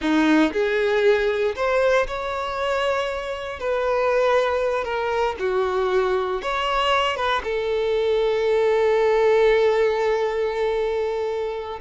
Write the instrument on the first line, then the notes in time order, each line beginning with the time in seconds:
violin
0.01 D#4
0.52 G#4
1.55 C5
2.07 C#5
3.59 B4
4.84 A#4
5.39 F#4
6.41 C#5
7.16 B4
7.43 A4